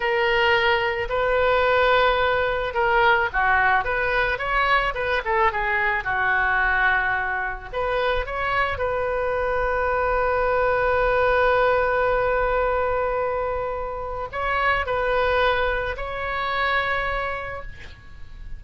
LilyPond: \new Staff \with { instrumentName = "oboe" } { \time 4/4 \tempo 4 = 109 ais'2 b'2~ | b'4 ais'4 fis'4 b'4 | cis''4 b'8 a'8 gis'4 fis'4~ | fis'2 b'4 cis''4 |
b'1~ | b'1~ | b'2 cis''4 b'4~ | b'4 cis''2. | }